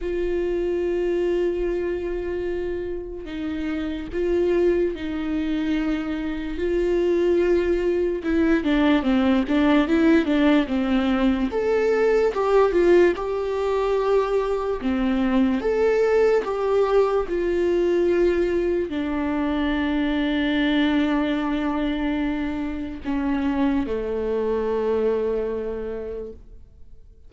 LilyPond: \new Staff \with { instrumentName = "viola" } { \time 4/4 \tempo 4 = 73 f'1 | dis'4 f'4 dis'2 | f'2 e'8 d'8 c'8 d'8 | e'8 d'8 c'4 a'4 g'8 f'8 |
g'2 c'4 a'4 | g'4 f'2 d'4~ | d'1 | cis'4 a2. | }